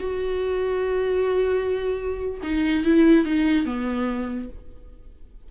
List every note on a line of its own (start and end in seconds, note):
0.00 2.41 F#4
2.43 2.85 D#4
2.85 3.26 E4
3.26 3.66 D#4
3.66 4.50 B3